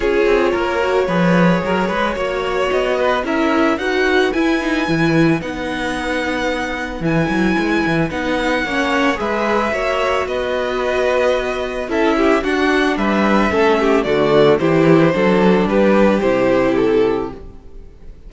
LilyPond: <<
  \new Staff \with { instrumentName = "violin" } { \time 4/4 \tempo 4 = 111 cis''1~ | cis''4 dis''4 e''4 fis''4 | gis''2 fis''2~ | fis''4 gis''2 fis''4~ |
fis''4 e''2 dis''4~ | dis''2 e''4 fis''4 | e''2 d''4 c''4~ | c''4 b'4 c''4 a'4 | }
  \new Staff \with { instrumentName = "violin" } { \time 4/4 gis'4 ais'4 b'4 ais'8 b'8 | cis''4. b'8 ais'4 b'4~ | b'1~ | b'1 |
cis''4 b'4 cis''4 b'4~ | b'2 a'8 g'8 fis'4 | b'4 a'8 g'8 fis'4 g'4 | a'4 g'2. | }
  \new Staff \with { instrumentName = "viola" } { \time 4/4 f'4. fis'8 gis'2 | fis'2 e'4 fis'4 | e'8 dis'8 e'4 dis'2~ | dis'4 e'2 dis'4 |
cis'4 gis'4 fis'2~ | fis'2 e'4 d'4~ | d'4 cis'4 a4 e'4 | d'2 e'2 | }
  \new Staff \with { instrumentName = "cello" } { \time 4/4 cis'8 c'8 ais4 f4 fis8 gis8 | ais4 b4 cis'4 dis'4 | e'4 e4 b2~ | b4 e8 fis8 gis8 e8 b4 |
ais4 gis4 ais4 b4~ | b2 cis'4 d'4 | g4 a4 d4 e4 | fis4 g4 c2 | }
>>